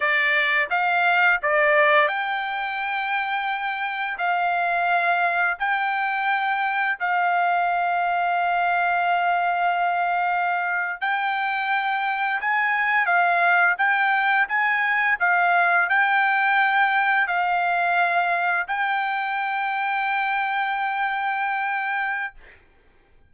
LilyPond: \new Staff \with { instrumentName = "trumpet" } { \time 4/4 \tempo 4 = 86 d''4 f''4 d''4 g''4~ | g''2 f''2 | g''2 f''2~ | f''2.~ f''8. g''16~ |
g''4.~ g''16 gis''4 f''4 g''16~ | g''8. gis''4 f''4 g''4~ g''16~ | g''8. f''2 g''4~ g''16~ | g''1 | }